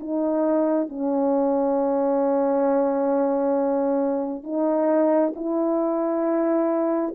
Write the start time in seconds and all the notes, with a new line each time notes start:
0.00 D#4
0.89 C#4
4.44 D#4
5.36 E4